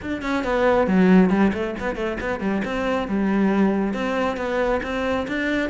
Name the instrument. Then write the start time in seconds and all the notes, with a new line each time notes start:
cello
0.02 D4
0.21 C#4
0.44 B3
0.87 F#3
1.30 G3
1.53 A3
1.79 B3
1.95 A3
2.20 B3
2.39 G3
2.65 C4
3.08 G3
3.93 C4
4.37 B3
4.83 C4
5.27 D4